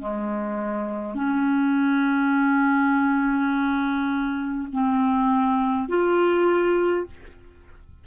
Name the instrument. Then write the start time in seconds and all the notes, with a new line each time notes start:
clarinet
0.00 G#3
1.15 C#4
4.73 C4
5.89 F4